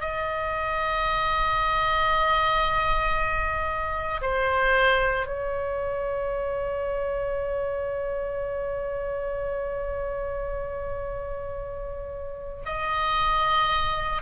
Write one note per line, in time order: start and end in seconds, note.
0.00 4.21 D#5
4.21 5.26 C5
5.26 12.63 C#5
12.65 14.22 D#5